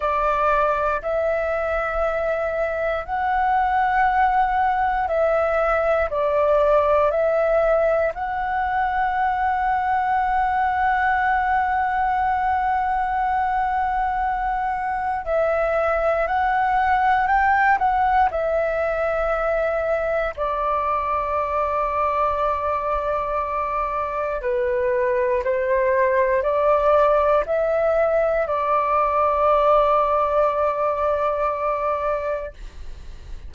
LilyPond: \new Staff \with { instrumentName = "flute" } { \time 4/4 \tempo 4 = 59 d''4 e''2 fis''4~ | fis''4 e''4 d''4 e''4 | fis''1~ | fis''2. e''4 |
fis''4 g''8 fis''8 e''2 | d''1 | b'4 c''4 d''4 e''4 | d''1 | }